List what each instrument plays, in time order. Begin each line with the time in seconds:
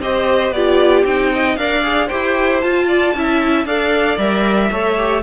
0.00 cello C4, viola G4, violin C5 D#5
0.51 cello B3, viola F4, violin G4 D5
1.05 cello C4, viola D#4, violin G5
1.33 violin D#5
1.57 cello D4, viola A#4, violin D5 F5
1.83 viola G#4
2.07 cello E4, viola G4, violin C5 G5
2.61 viola F4, cello F4, violin A5
2.88 violin D5
3.15 cello C#4, viola E4, violin E5
3.65 cello D4, viola A4, violin D5 F5
4.18 cello G3, viola A#4, violin E5
4.71 cello A3, viola A4, violin C#5
4.97 viola G4